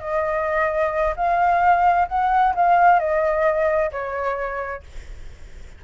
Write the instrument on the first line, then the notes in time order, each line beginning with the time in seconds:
flute
0.00 D#5
1.17 F5
2.09 F#5
2.55 F5
3.00 D#5
3.92 C#5